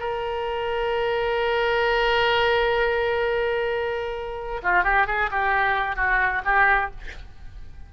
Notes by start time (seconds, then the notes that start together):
0.00 A#4
4.63 F4
4.84 G4
5.07 G#4
5.31 G4
5.96 F#4
6.45 G4